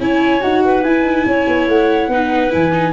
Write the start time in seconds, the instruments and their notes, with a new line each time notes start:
0.00 tuba C#4, viola E4, clarinet C#5, flute G#5
0.41 tuba D#4, viola F#4, flute F#5
0.65 clarinet B4
0.83 tuba E4, viola E4, flute G#5
1.03 tuba D#4
1.26 tuba C#4, clarinet C#5
1.47 tuba B3
1.68 tuba A3, flute F#5
2.08 tuba B3, viola D#4, clarinet B4
2.50 tuba E3, viola E4, flute G#5
2.73 viola D#4